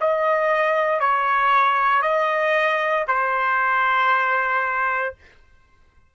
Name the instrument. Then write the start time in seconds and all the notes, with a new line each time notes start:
trumpet
0.00 D#5
1.00 C#5
2.01 D#5
3.08 C5